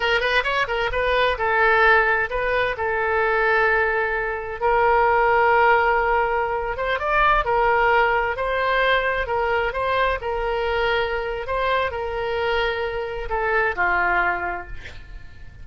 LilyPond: \new Staff \with { instrumentName = "oboe" } { \time 4/4 \tempo 4 = 131 ais'8 b'8 cis''8 ais'8 b'4 a'4~ | a'4 b'4 a'2~ | a'2 ais'2~ | ais'2~ ais'8. c''8 d''8.~ |
d''16 ais'2 c''4.~ c''16~ | c''16 ais'4 c''4 ais'4.~ ais'16~ | ais'4 c''4 ais'2~ | ais'4 a'4 f'2 | }